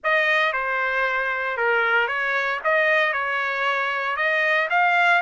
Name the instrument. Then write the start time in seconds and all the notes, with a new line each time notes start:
trumpet
0.03 D#5
0.52 C5
1.57 A#4
2.07 C#5
2.63 D#5
3.13 C#5
4.16 D#5
4.70 F5